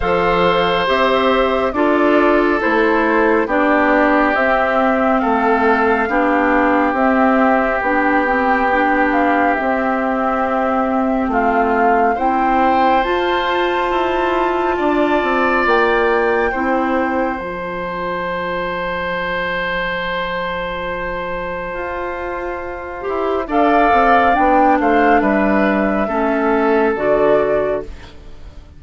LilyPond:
<<
  \new Staff \with { instrumentName = "flute" } { \time 4/4 \tempo 4 = 69 f''4 e''4 d''4 c''4 | d''4 e''4 f''2 | e''4 g''4. f''8 e''4~ | e''4 f''4 g''4 a''4~ |
a''2 g''2 | a''1~ | a''2. f''4 | g''8 f''8 e''2 d''4 | }
  \new Staff \with { instrumentName = "oboe" } { \time 4/4 c''2 a'2 | g'2 a'4 g'4~ | g'1~ | g'4 f'4 c''2~ |
c''4 d''2 c''4~ | c''1~ | c''2. d''4~ | d''8 c''8 b'4 a'2 | }
  \new Staff \with { instrumentName = "clarinet" } { \time 4/4 a'4 g'4 f'4 e'4 | d'4 c'2 d'4 | c'4 d'8 c'8 d'4 c'4~ | c'2 e'4 f'4~ |
f'2. e'4 | f'1~ | f'2~ f'8 g'8 a'4 | d'2 cis'4 fis'4 | }
  \new Staff \with { instrumentName = "bassoon" } { \time 4/4 f4 c'4 d'4 a4 | b4 c'4 a4 b4 | c'4 b2 c'4~ | c'4 a4 c'4 f'4 |
e'4 d'8 c'8 ais4 c'4 | f1~ | f4 f'4. e'8 d'8 c'8 | b8 a8 g4 a4 d4 | }
>>